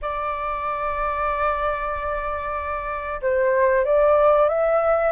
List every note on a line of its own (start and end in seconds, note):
0.01 3.20 D5
3.21 3.84 C5
3.84 4.48 D5
4.49 5.11 E5